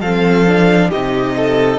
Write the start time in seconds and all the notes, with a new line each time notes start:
0.00 F3 C4 A4 F5
0.48 D4
0.90 C3 D#4 G4 D#5
1.37 A4